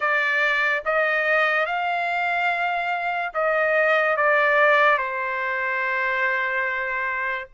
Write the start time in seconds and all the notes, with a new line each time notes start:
0.00 D5
0.85 D#5
1.66 F5
3.34 D#5
4.17 D5
4.98 C5